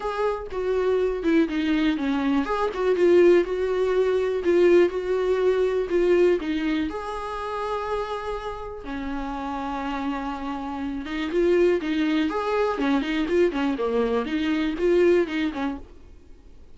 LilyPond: \new Staff \with { instrumentName = "viola" } { \time 4/4 \tempo 4 = 122 gis'4 fis'4. e'8 dis'4 | cis'4 gis'8 fis'8 f'4 fis'4~ | fis'4 f'4 fis'2 | f'4 dis'4 gis'2~ |
gis'2 cis'2~ | cis'2~ cis'8 dis'8 f'4 | dis'4 gis'4 cis'8 dis'8 f'8 cis'8 | ais4 dis'4 f'4 dis'8 cis'8 | }